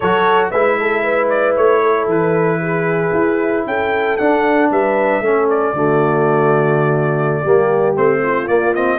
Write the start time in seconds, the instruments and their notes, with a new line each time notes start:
0.00 tuba F#3, trombone F#4, horn A4, trumpet C#5
0.50 tuba G#3, trombone E4, horn B4, trumpet E5
0.79 horn A4
1.03 horn B4
1.29 trumpet D5
1.56 tuba A3, trumpet C#5
1.82 horn A4
2.07 tuba E3, trumpet B4
2.60 horn G#4
3.13 tuba E4
3.66 tuba C#4, horn A4, trumpet G5
4.17 tuba D4, trombone D4, trumpet F#5
4.70 tuba G3, horn B4, trumpet E5
5.21 tuba A3, trombone C#4, horn A4
5.49 trumpet D5
5.73 tuba D3, trombone A3, horn F#4
7.42 tuba G3, trombone A#3, horn G4
7.96 tuba A3, trombone C4, trumpet C5
8.22 horn F4
8.47 trombone A#3, tuba A#3, trumpet D5
8.74 trombone C4, trumpet D#5